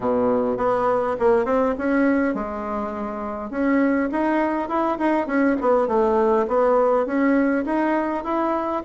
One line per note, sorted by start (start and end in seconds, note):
0.00 0.57 B2
0.57 1.16 B3
1.19 1.45 A#3
1.45 1.74 C4
1.78 2.34 C#4
2.34 3.50 G#3
3.50 4.09 C#4
4.11 4.68 D#4
4.68 4.98 E4
4.98 5.26 D#4
5.26 5.56 C#4
5.60 5.87 B3
5.87 6.46 A3
6.47 7.06 B3
7.06 7.64 C#4
7.65 8.24 D#4
8.24 8.82 E4